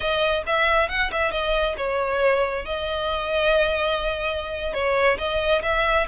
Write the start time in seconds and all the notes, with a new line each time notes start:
0.00 D#5
0.46 E5
0.88 F#5
1.11 E5
1.31 D#5
1.77 C#5
2.65 D#5
4.73 C#5
5.18 D#5
5.62 E5